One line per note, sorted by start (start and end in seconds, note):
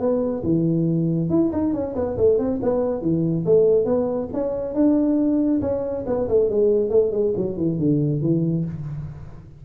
0.00 0.43 B3
0.44 1.30 E3
1.30 1.51 E4
1.53 1.74 D#4
1.74 1.95 C#4
1.96 2.17 B3
2.18 2.39 A3
2.39 2.60 C4
2.63 3.02 B3
3.02 3.45 E3
3.46 3.86 A3
3.86 4.29 B3
4.33 4.75 C#4
4.75 5.61 D4
5.62 6.05 C#4
6.07 6.28 B3
6.29 6.50 A3
6.50 6.90 G#3
6.90 7.12 A3
7.12 7.34 G#3
7.37 7.57 F#3
7.57 7.79 E3
7.79 8.22 D3
8.22 8.65 E3